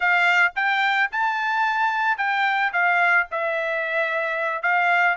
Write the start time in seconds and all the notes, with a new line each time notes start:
0.00 F5
0.55 G5
1.11 A5
2.17 G5
2.72 F5
3.31 E5
4.62 F5